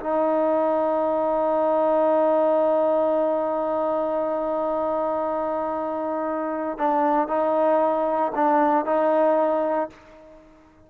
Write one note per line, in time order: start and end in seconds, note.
0.00 6.78 D#4
6.78 7.28 D4
7.28 8.32 D#4
8.35 8.85 D4
8.85 9.89 D#4